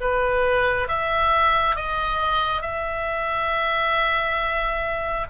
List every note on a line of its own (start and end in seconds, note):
0.00 0.87 B4
0.87 1.75 E5
1.75 2.61 D#5
2.61 5.26 E5